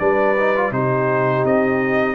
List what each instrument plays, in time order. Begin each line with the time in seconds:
0.00 tuba G3, trombone D4, horn B4, trumpet D5
0.39 trombone D#4
0.56 trombone F4
0.72 tuba C3, trombone D#4, horn G4, trumpet C5
1.45 tuba C4, trumpet D#5